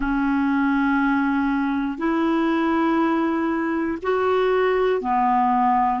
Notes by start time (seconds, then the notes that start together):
0.00 C#4
1.97 E4
4.02 F#4
5.00 B3